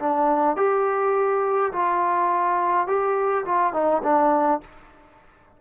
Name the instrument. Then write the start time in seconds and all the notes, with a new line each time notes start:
trombone
0.00 D4
0.57 G4
1.73 F4
2.87 G4
3.45 F4
3.73 D#4
4.03 D4